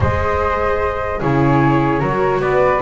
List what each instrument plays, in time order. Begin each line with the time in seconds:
0.00 double bass G#3, viola G#4, flute C5 D#5
1.19 double bass C#3, viola E4, flute G#4 C#5
1.99 double bass F#3, viola F#4, flute A#4
2.39 double bass B3, flute B4 D5